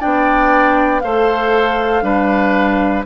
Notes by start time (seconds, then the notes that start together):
0.00 B3 D4 D5 G5
1.00 A3 A4 C5 F5
2.02 G3 D4 B4